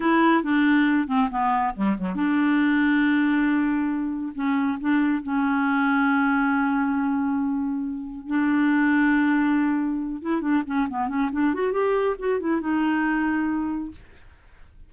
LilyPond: \new Staff \with { instrumentName = "clarinet" } { \time 4/4 \tempo 4 = 138 e'4 d'4. c'8 b4 | g8 fis8 d'2.~ | d'2 cis'4 d'4 | cis'1~ |
cis'2. d'4~ | d'2.~ d'8 e'8 | d'8 cis'8 b8 cis'8 d'8 fis'8 g'4 | fis'8 e'8 dis'2. | }